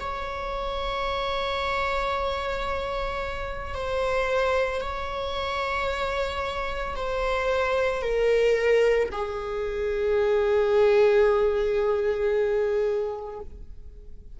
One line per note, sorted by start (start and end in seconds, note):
0.00 3.74 C#5
3.74 4.81 C5
4.81 6.95 C#5
6.95 8.02 C5
8.02 9.09 A#4
9.11 13.40 G#4